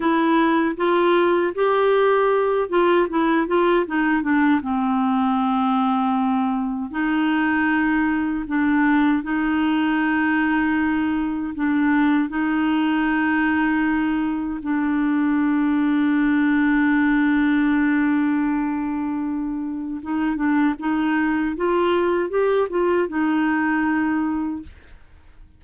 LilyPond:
\new Staff \with { instrumentName = "clarinet" } { \time 4/4 \tempo 4 = 78 e'4 f'4 g'4. f'8 | e'8 f'8 dis'8 d'8 c'2~ | c'4 dis'2 d'4 | dis'2. d'4 |
dis'2. d'4~ | d'1~ | d'2 dis'8 d'8 dis'4 | f'4 g'8 f'8 dis'2 | }